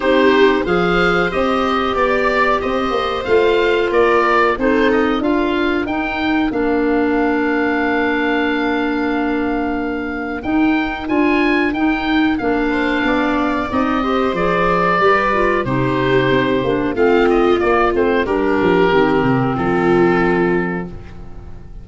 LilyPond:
<<
  \new Staff \with { instrumentName = "oboe" } { \time 4/4 \tempo 4 = 92 c''4 f''4 dis''4 d''4 | dis''4 f''4 d''4 c''8 dis''8 | f''4 g''4 f''2~ | f''1 |
g''4 gis''4 g''4 f''4~ | f''4 dis''4 d''2 | c''2 f''8 dis''8 d''8 c''8 | ais'2 a'2 | }
  \new Staff \with { instrumentName = "viola" } { \time 4/4 g'4 c''2 d''4 | c''2 ais'4 a'4 | ais'1~ | ais'1~ |
ais'2.~ ais'8 c''8 | d''4. c''4. b'4 | g'2 f'2 | g'2 f'2 | }
  \new Staff \with { instrumentName = "clarinet" } { \time 4/4 dis'4 gis'4 g'2~ | g'4 f'2 dis'4 | f'4 dis'4 d'2~ | d'1 |
dis'4 f'4 dis'4 d'4~ | d'4 dis'8 g'8 gis'4 g'8 f'8 | dis'4. d'8 c'4 ais8 c'8 | d'4 c'2. | }
  \new Staff \with { instrumentName = "tuba" } { \time 4/4 c'4 f4 c'4 b4 | c'8 ais8 a4 ais4 c'4 | d'4 dis'4 ais2~ | ais1 |
dis'4 d'4 dis'4 ais4 | b4 c'4 f4 g4 | c4 c'8 ais8 a4 ais8 a8 | g8 f8 dis8 c8 f2 | }
>>